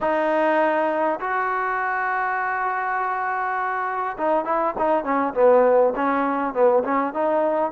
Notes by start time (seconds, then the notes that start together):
0.01 D#4
1.19 F#4
4.17 D#4
4.44 E4
4.78 D#4
5.03 C#4
5.34 B3
5.95 C#4
6.53 B3
6.83 C#4
7.13 D#4